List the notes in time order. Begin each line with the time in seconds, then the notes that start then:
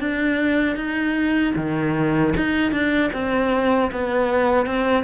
0.00 D4
0.76 D#4
1.56 D#3
2.37 D#4
2.72 D4
3.13 C4
3.92 B3
4.66 C4